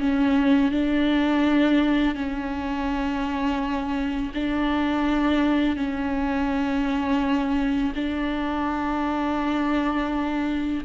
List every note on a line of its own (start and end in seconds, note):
0.00 0.71 C#4
0.71 2.15 D4
2.15 4.32 C#4
4.34 5.76 D4
5.76 7.93 C#4
7.95 10.84 D4